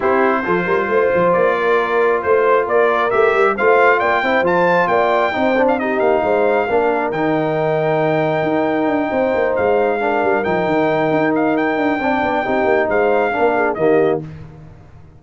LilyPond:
<<
  \new Staff \with { instrumentName = "trumpet" } { \time 4/4 \tempo 4 = 135 c''2. d''4~ | d''4 c''4 d''4 e''4 | f''4 g''4 a''4 g''4~ | g''8. f''16 dis''8 f''2~ f''8 |
g''1~ | g''4. f''2 g''8~ | g''4. f''8 g''2~ | g''4 f''2 dis''4 | }
  \new Staff \with { instrumentName = "horn" } { \time 4/4 g'4 a'8 ais'8 c''4. ais'8~ | ais'4 c''4 ais'2 | c''4 d''8 c''4. d''4 | c''4 g'4 c''4 ais'4~ |
ais'1~ | ais'8 c''2 ais'4.~ | ais'2. d''4 | g'4 c''4 ais'8 gis'8 g'4 | }
  \new Staff \with { instrumentName = "trombone" } { \time 4/4 e'4 f'2.~ | f'2. g'4 | f'4. e'8 f'2 | dis'8 d'8 dis'2 d'4 |
dis'1~ | dis'2~ dis'8 d'4 dis'8~ | dis'2. d'4 | dis'2 d'4 ais4 | }
  \new Staff \with { instrumentName = "tuba" } { \time 4/4 c'4 f8 g8 a8 f8 ais4~ | ais4 a4 ais4 a8 g8 | a4 ais8 c'8 f4 ais4 | c'4. ais8 gis4 ais4 |
dis2. dis'4 | d'8 c'8 ais8 gis4. g8 f8 | dis4 dis'4. d'8 c'8 b8 | c'8 ais8 gis4 ais4 dis4 | }
>>